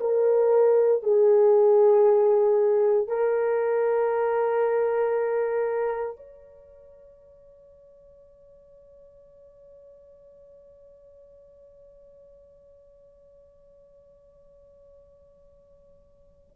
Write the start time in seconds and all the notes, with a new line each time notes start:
0.00 A#4
1.03 G#4
3.08 A#4
6.16 C#5